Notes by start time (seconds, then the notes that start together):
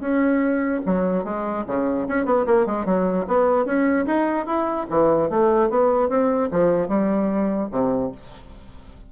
0.00 C#4
0.85 F#3
1.24 G#3
1.67 C#3
2.08 C#4
2.25 B3
2.46 A#3
2.66 G#3
2.85 F#3
3.27 B3
3.65 C#4
4.06 D#4
4.46 E4
4.90 E3
5.29 A3
5.70 B3
6.09 C4
6.51 F3
6.88 G3
7.71 C3